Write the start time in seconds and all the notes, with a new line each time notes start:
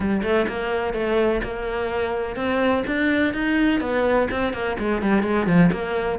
0.00 G3
0.22 A3
0.48 A#3
0.93 A3
1.43 A#3
2.36 C4
2.86 D4
3.33 D#4
3.80 B3
4.31 C4
4.53 A#3
4.78 G#3
5.02 G3
5.23 G#3
5.46 F3
5.71 A#3